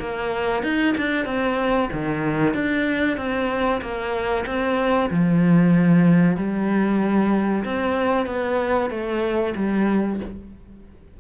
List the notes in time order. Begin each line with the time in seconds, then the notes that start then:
0.00 A#3
0.64 D#4
0.98 D4
1.26 C4
1.93 D#3
2.55 D4
3.18 C4
3.82 A#3
4.47 C4
5.11 F3
6.37 G3
7.65 C4
8.27 B3
8.90 A3
9.57 G3